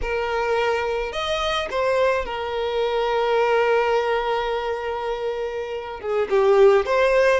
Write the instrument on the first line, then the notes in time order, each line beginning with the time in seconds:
violin
0.01 A#4
1.12 D#5
1.70 C5
2.25 A#4
6.00 G#4
6.29 G4
6.85 C5